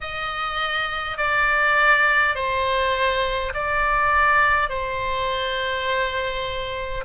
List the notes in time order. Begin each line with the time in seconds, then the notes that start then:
0.01 D#5
1.17 D5
2.35 C5
3.53 D5
4.69 C5